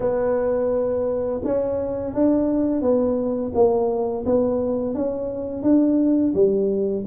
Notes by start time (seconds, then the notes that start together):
0.00 B3
1.44 C#4
2.14 D4
2.81 B3
3.54 A#3
4.25 B3
4.94 C#4
5.62 D4
6.34 G3